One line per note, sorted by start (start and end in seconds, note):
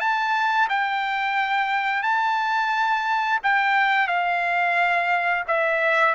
0.00 0.68 A5
0.69 2.03 G5
2.03 3.39 A5
3.43 4.08 G5
4.08 5.44 F5
5.48 6.15 E5